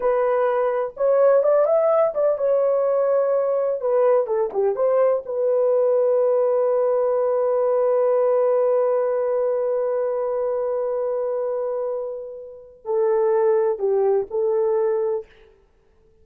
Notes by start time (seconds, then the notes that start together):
0.00 B4
0.96 C#5
1.43 D5
1.65 E5
2.14 D5
2.37 C#5
3.80 B4
4.26 A4
4.53 G4
4.75 C5
5.25 B4
12.84 A4
13.78 G4
14.30 A4